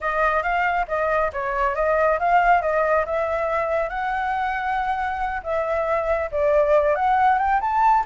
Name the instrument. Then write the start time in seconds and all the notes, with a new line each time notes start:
flute
0.01 D#5
0.42 F5
0.88 D#5
1.33 C#5
1.75 D#5
2.19 F5
2.61 D#5
3.05 E5
3.89 F#5
5.43 E5
6.31 D5
6.95 F#5
7.38 G5
7.61 A5